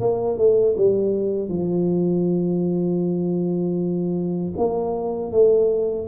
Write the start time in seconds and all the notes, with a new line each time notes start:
0.00 A#3
0.38 A3
0.77 G3
1.49 F3
4.57 A#3
5.32 A3